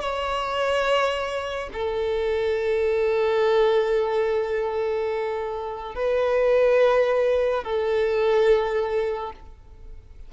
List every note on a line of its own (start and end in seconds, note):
0.00 1.69 C#5
1.73 5.95 A4
5.95 7.64 B4
7.64 9.33 A4